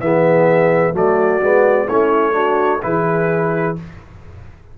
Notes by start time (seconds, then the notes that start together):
0.00 E3 B3 G#4 E5
0.93 F#3 A3 F#4 D5
1.41 G#3 B3
1.86 A3 C#4 E4 C#5
2.32 D4 F#4
2.82 E3 E4 G#4 B4